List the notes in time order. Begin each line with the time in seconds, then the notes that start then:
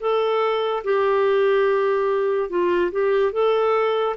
0.00 A4
0.84 G4
2.50 F4
2.92 G4
3.33 A4